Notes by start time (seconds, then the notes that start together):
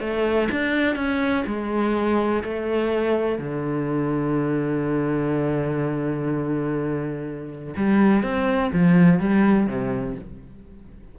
0.00 A3
0.51 D4
0.96 C#4
1.46 G#3
2.44 A3
3.38 D3
7.76 G3
8.23 C4
8.73 F3
9.20 G3
9.67 C3